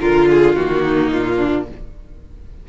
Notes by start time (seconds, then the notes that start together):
0.00 D3 F4 A#4
0.30 G#4
0.55 D#3 A#3 F#4
0.84 D#4
1.11 A#2 F4
1.36 D4